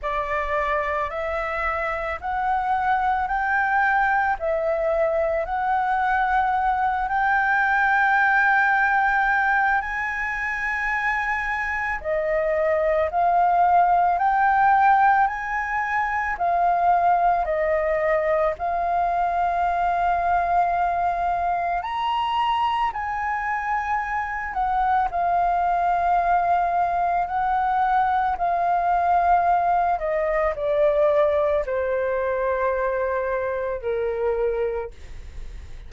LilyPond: \new Staff \with { instrumentName = "flute" } { \time 4/4 \tempo 4 = 55 d''4 e''4 fis''4 g''4 | e''4 fis''4. g''4.~ | g''4 gis''2 dis''4 | f''4 g''4 gis''4 f''4 |
dis''4 f''2. | ais''4 gis''4. fis''8 f''4~ | f''4 fis''4 f''4. dis''8 | d''4 c''2 ais'4 | }